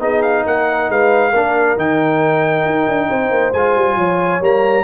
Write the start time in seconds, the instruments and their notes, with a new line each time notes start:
0.00 tuba B3, trombone D#4, horn G#4, trumpet D#5
0.22 trumpet F5
0.46 tuba A#3, horn A#4, trumpet F#5
0.89 tuba G#3, horn B4, trumpet F5
1.31 tuba A#3, trombone D4, horn A#4
1.77 tuba D#3, trombone D#4, trumpet G5
2.66 tuba D#4
2.88 tuba D4
3.10 tuba C4, horn C5
3.31 tuba A#3
3.53 tuba G#3, trombone F4, trumpet G#5
3.75 tuba G3
3.96 tuba F3, horn C#5
4.41 tuba G3, trombone A#3, trumpet A#5